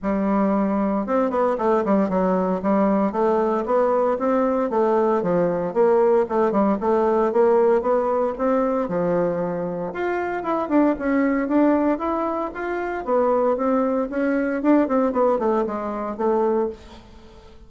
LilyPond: \new Staff \with { instrumentName = "bassoon" } { \time 4/4 \tempo 4 = 115 g2 c'8 b8 a8 g8 | fis4 g4 a4 b4 | c'4 a4 f4 ais4 | a8 g8 a4 ais4 b4 |
c'4 f2 f'4 | e'8 d'8 cis'4 d'4 e'4 | f'4 b4 c'4 cis'4 | d'8 c'8 b8 a8 gis4 a4 | }